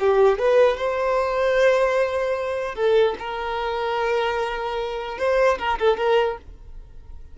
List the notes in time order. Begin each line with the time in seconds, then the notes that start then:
0.00 G4
0.39 B4
0.77 C5
2.75 A4
3.19 A#4
5.18 C5
5.59 A#4
5.79 A4
5.97 A#4